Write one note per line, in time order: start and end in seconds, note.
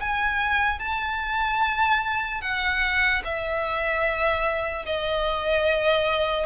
0.00 0.79 G#5
0.79 2.41 A5
2.41 3.22 F#5
3.24 4.86 E5
4.86 6.46 D#5